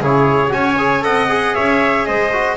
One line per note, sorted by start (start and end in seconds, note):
0.00 0.51 C#3
0.00 0.49 E4
0.00 0.52 G#4
0.00 0.52 C#5
0.49 1.04 C#4
0.49 0.74 F#4
0.49 1.04 C#5
0.49 1.04 G#5
0.78 1.01 G#4
1.01 1.56 C4
1.01 1.27 A4
1.01 1.55 D#5
1.01 1.55 F#5
1.29 2.31 G#4
1.55 2.08 C#4
1.55 2.06 C#5
1.55 2.05 E5
2.05 2.57 G#3
2.05 2.57 C5
2.05 2.57 D#5
2.32 2.57 F#4